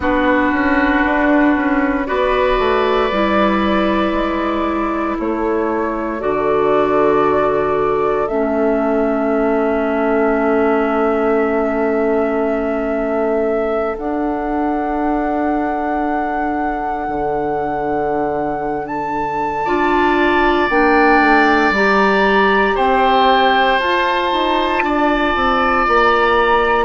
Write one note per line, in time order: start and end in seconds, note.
0.00 0.52 B3
0.00 2.06 D4
0.00 2.07 F#4
0.00 2.06 B4
0.52 1.03 C#4
1.04 1.56 D4
1.56 2.08 C#4
2.06 2.58 B3
2.06 3.09 F#4
2.06 5.17 B4
2.06 5.16 D5
2.58 3.10 A3
3.11 4.12 G3
3.11 6.19 E4
4.12 5.15 G#3
5.18 6.22 A3
5.18 19.65 A4
5.18 6.21 C#5
6.19 8.28 D3
6.19 8.26 F#4
6.19 8.27 D5
8.27 13.97 A3
8.27 13.97 C#4
8.27 13.96 E5
13.97 17.08 D4
13.97 19.65 D4
13.97 18.86 F#5
17.08 19.66 D3
18.86 20.67 A5
19.65 20.69 D4
19.65 20.69 F4
19.65 22.75 D5
20.69 21.19 A#3
20.69 21.73 D4
20.69 21.72 G5
21.19 21.70 A3
21.70 22.73 G3
21.70 23.80 G4
21.70 22.76 A#5
22.75 23.79 C4
22.75 24.82 C5
22.75 23.79 G5
23.79 24.31 F4
23.79 26.85 F4
23.79 25.86 A5
24.32 24.83 D#4
24.83 25.34 D4
24.83 26.85 D5
25.35 25.86 C4
25.87 26.85 A#3
25.87 26.85 A#5